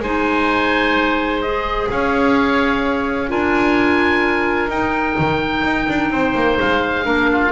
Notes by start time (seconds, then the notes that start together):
0.00 G#3 D#4 C5 G#5
1.42 G#4 D#5
1.91 C#4 C#5 F5
3.29 D4 F4 A#4 G#5
4.69 D#4 G5
5.19 D#3
5.64 D#4
5.89 D4
6.11 C4 C5
6.35 A#3
6.60 G#3 F5
7.03 A#3 D4 A#4
7.33 F4